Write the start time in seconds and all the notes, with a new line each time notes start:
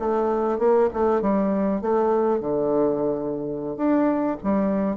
0.00 A3
0.59 A#3
0.94 A3
1.22 G3
1.82 A3
2.41 D3
3.77 D4
4.44 G3